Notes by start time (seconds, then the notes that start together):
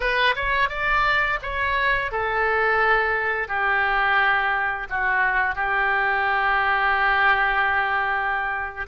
0.00 B4
0.35 C#5
0.69 D5
1.42 C#5
2.11 A4
3.48 G4
4.89 F#4
5.55 G4